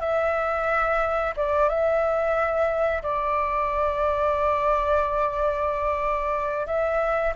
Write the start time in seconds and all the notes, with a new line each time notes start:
0.00 E5
1.36 D5
1.68 E5
3.02 D5
6.66 E5